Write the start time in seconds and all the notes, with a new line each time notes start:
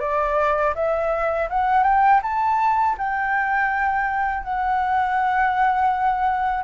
0.00 D5
0.75 E5
1.50 F#5
1.84 G5
2.23 A5
2.98 G5
4.44 F#5